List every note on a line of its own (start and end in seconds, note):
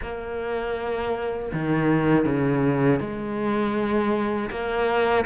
0.01 1.51 A#3
1.53 2.25 D#3
2.25 3.00 C#3
3.00 4.50 G#3
4.50 5.25 A#3